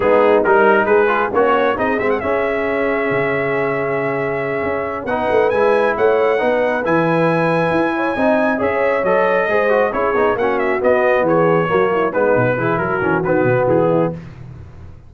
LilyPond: <<
  \new Staff \with { instrumentName = "trumpet" } { \time 4/4 \tempo 4 = 136 gis'4 ais'4 b'4 cis''4 | dis''8 e''16 fis''16 e''2.~ | e''2.~ e''8 fis''8~ | fis''8 gis''4 fis''2 gis''8~ |
gis''2.~ gis''8 e''8~ | e''8 dis''2 cis''4 fis''8 | e''8 dis''4 cis''2 b'8~ | b'4 ais'4 b'4 gis'4 | }
  \new Staff \with { instrumentName = "horn" } { \time 4/4 dis'4 ais'4 gis'4 cis'4 | gis'1~ | gis'2.~ gis'8 b'8~ | b'4. cis''4 b'4.~ |
b'2 cis''8 dis''4 cis''8~ | cis''4. c''4 gis'4 fis'8~ | fis'4. gis'4 fis'8 e'8 dis'8~ | dis'8 gis'8 fis'2~ fis'8 e'8 | }
  \new Staff \with { instrumentName = "trombone" } { \time 4/4 b4 dis'4. f'8 fis'4 | dis'8 c'8 cis'2.~ | cis'2.~ cis'8 dis'8~ | dis'8 e'2 dis'4 e'8~ |
e'2~ e'8 dis'4 gis'8~ | gis'8 a'4 gis'8 fis'8 e'8 dis'8 cis'8~ | cis'8 b2 ais4 b8~ | b8 e'4 cis'8 b2 | }
  \new Staff \with { instrumentName = "tuba" } { \time 4/4 gis4 g4 gis4 ais4 | c'8 gis8 cis'2 cis4~ | cis2~ cis8 cis'4 b8 | a8 gis4 a4 b4 e8~ |
e4. e'4 c'4 cis'8~ | cis'8 fis4 gis4 cis'8 b8 ais8~ | ais8 b4 e4 fis4 gis8 | b,8 e8 fis8 e8 dis8 b,8 e4 | }
>>